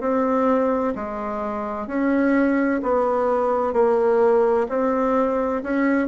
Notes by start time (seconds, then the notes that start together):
0.00 C4
0.95 G#3
1.87 C#4
2.83 B3
3.73 A#3
4.68 C4
5.63 C#4